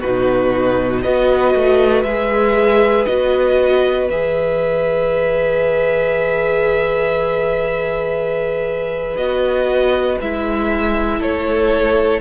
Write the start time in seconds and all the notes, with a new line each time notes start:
0.00 B2 D#4 F#4 B4
1.02 B3 F#4 B4 D#5
1.54 A3
2.03 G#3 G#4 E5
3.05 B3 F#4 D#5
4.10 E3 G#4 E5
9.16 B3 F#4 D#5
10.21 G#3 E4 E5
11.19 A3 A4 C#5